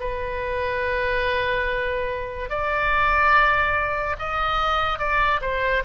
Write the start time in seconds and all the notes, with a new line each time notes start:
0.00 B4
2.50 D5
4.19 D#5
4.98 D5
5.41 C5